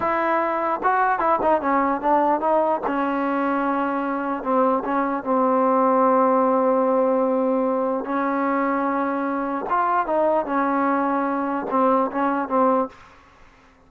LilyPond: \new Staff \with { instrumentName = "trombone" } { \time 4/4 \tempo 4 = 149 e'2 fis'4 e'8 dis'8 | cis'4 d'4 dis'4 cis'4~ | cis'2. c'4 | cis'4 c'2.~ |
c'1 | cis'1 | f'4 dis'4 cis'2~ | cis'4 c'4 cis'4 c'4 | }